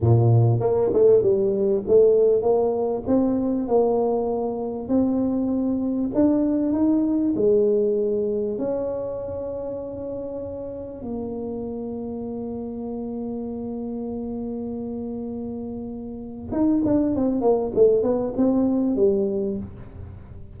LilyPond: \new Staff \with { instrumentName = "tuba" } { \time 4/4 \tempo 4 = 98 ais,4 ais8 a8 g4 a4 | ais4 c'4 ais2 | c'2 d'4 dis'4 | gis2 cis'2~ |
cis'2 ais2~ | ais1~ | ais2. dis'8 d'8 | c'8 ais8 a8 b8 c'4 g4 | }